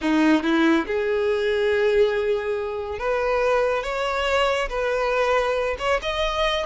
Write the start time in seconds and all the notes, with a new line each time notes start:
0.01 D#4
0.43 E4
0.86 G#4
2.99 B4
3.83 C#5
4.69 B4
5.78 C#5
6.01 D#5